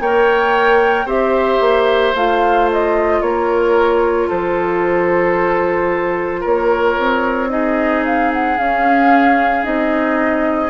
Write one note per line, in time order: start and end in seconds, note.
0.00 1.05 A#3
0.00 1.07 A#4
0.00 1.05 C#5
0.00 1.08 G5
1.05 1.58 C4
1.05 2.14 G4
1.05 3.20 C5
1.05 2.15 E5
1.60 2.13 A#3
2.14 3.21 A3
2.14 7.49 F4
2.14 2.70 F5
2.72 3.21 D#5
3.21 4.28 A#3
3.21 4.28 A#4
3.21 4.28 C#5
4.28 6.45 F3
4.28 6.40 A4
4.28 6.44 C5
6.40 6.98 A#3
6.40 7.48 A#4
6.40 7.50 C#5
6.98 8.58 C4
7.49 8.56 D#4
7.49 10.70 G#4
7.49 8.04 D#5
8.05 8.32 F5
8.33 8.57 F#5
8.57 9.63 C#4
8.57 9.65 C#4
8.57 9.64 F5
9.63 10.70 C4
9.63 10.70 D#4
9.63 10.70 D#5